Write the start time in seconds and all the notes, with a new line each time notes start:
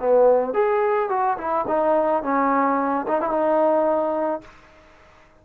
0.00 B3
0.54 G#4
1.10 F#4
1.38 E4
1.68 D#4
2.23 C#4
3.08 D#4
3.21 E4
3.31 D#4